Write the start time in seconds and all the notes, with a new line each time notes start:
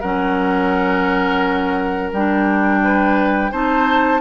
0.00 F#3 C#4 A#4 F#5
2.12 G3 D4 G5
2.84 B4
3.51 C4 D#4 C5 A5